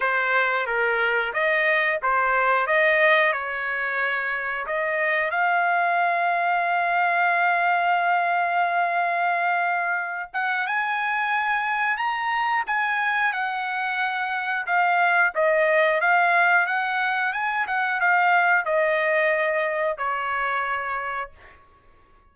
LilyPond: \new Staff \with { instrumentName = "trumpet" } { \time 4/4 \tempo 4 = 90 c''4 ais'4 dis''4 c''4 | dis''4 cis''2 dis''4 | f''1~ | f''2.~ f''8 fis''8 |
gis''2 ais''4 gis''4 | fis''2 f''4 dis''4 | f''4 fis''4 gis''8 fis''8 f''4 | dis''2 cis''2 | }